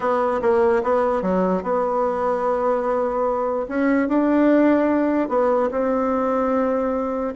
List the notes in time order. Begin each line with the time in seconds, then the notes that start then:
0.00 B3
0.41 A#3
0.83 B3
1.22 F#3
1.62 B3
3.68 C#4
4.08 D4
5.29 B3
5.71 C4